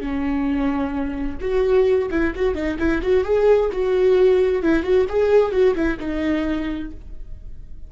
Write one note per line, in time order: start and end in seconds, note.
0.00 1.37 C#4
1.41 2.09 F#4
2.10 2.33 E4
2.35 2.54 F#4
2.54 2.77 D#4
2.79 3.01 E4
3.01 3.24 F#4
3.24 3.70 G#4
3.72 4.62 F#4
4.62 4.83 E4
4.83 5.05 F#4
5.09 5.51 G#4
5.51 5.74 F#4
5.75 5.98 E4
5.99 6.91 D#4